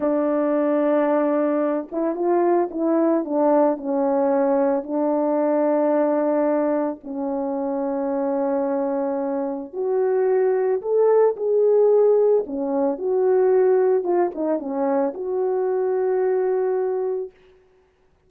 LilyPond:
\new Staff \with { instrumentName = "horn" } { \time 4/4 \tempo 4 = 111 d'2.~ d'8 e'8 | f'4 e'4 d'4 cis'4~ | cis'4 d'2.~ | d'4 cis'2.~ |
cis'2 fis'2 | a'4 gis'2 cis'4 | fis'2 f'8 dis'8 cis'4 | fis'1 | }